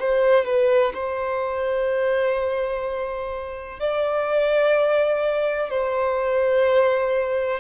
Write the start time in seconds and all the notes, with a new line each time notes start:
0.00 C5
0.45 B4
0.94 C5
3.80 D5
5.70 C5